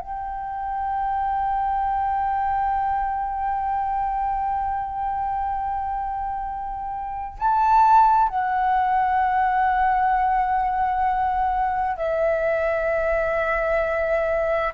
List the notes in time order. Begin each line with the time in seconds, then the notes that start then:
0.00 G5
7.39 A5
8.29 F#5
11.97 E5